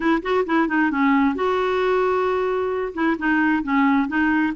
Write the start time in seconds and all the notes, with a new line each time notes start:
0.00 E4
0.22 F#4
0.46 E4
0.68 D#4
0.90 C#4
1.35 F#4
2.94 E4
3.18 D#4
3.63 C#4
4.08 D#4